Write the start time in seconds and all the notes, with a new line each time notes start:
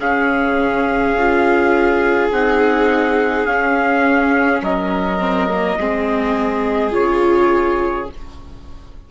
0.00 C#3 C#4 G#4 F5
1.13 C#4 F4
2.32 C4 D#4 F#5
3.46 C#4 F5
4.62 F#3 A#4 D#5
5.20 C4
5.50 A#3
5.79 G#3 C4 G#4
6.91 C#3 F4 C#5